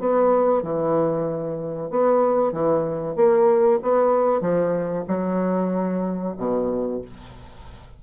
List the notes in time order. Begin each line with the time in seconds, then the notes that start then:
0.00 B3
0.63 E3
1.91 B3
2.53 E3
3.16 A#3
3.83 B3
4.41 F3
5.08 F#3
6.38 B2